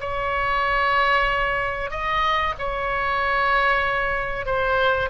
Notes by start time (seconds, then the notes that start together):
0.00 C#5
1.90 D#5
2.59 C#5
4.45 C5